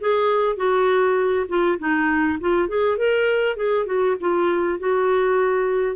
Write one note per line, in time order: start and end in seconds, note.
0.00 0.56 G#4
0.56 1.46 F#4
1.48 1.78 F4
1.79 2.39 D#4
2.41 2.68 F4
2.68 2.98 G#4
2.98 3.56 A#4
3.56 3.86 G#4
3.86 4.16 F#4
4.20 4.79 F4
4.79 5.96 F#4